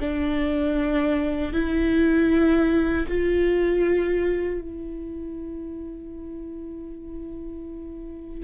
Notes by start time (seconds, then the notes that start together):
0.00 D4
1.53 E4
3.08 F4
4.62 E4